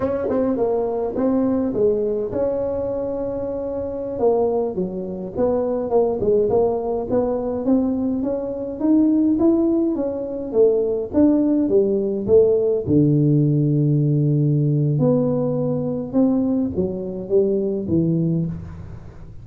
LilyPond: \new Staff \with { instrumentName = "tuba" } { \time 4/4 \tempo 4 = 104 cis'8 c'8 ais4 c'4 gis4 | cis'2.~ cis'16 ais8.~ | ais16 fis4 b4 ais8 gis8 ais8.~ | ais16 b4 c'4 cis'4 dis'8.~ |
dis'16 e'4 cis'4 a4 d'8.~ | d'16 g4 a4 d4.~ d16~ | d2 b2 | c'4 fis4 g4 e4 | }